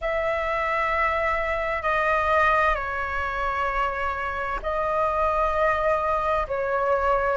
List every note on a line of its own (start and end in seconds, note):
0.01 1.82 E5
1.82 2.74 D#5
2.74 4.59 C#5
4.62 6.47 D#5
6.47 7.37 C#5